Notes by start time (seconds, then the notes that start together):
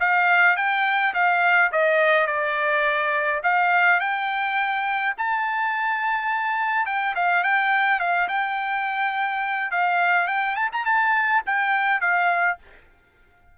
0.00 F5
0.57 G5
1.14 F5
1.72 D#5
2.27 D5
3.43 F5
4.00 G5
5.18 A5
6.86 G5
7.16 F5
7.44 G5
8.00 F5
8.29 G5
9.71 F5
10.28 G5
10.56 A5
10.72 A#5
10.85 A5
11.46 G5
12.01 F5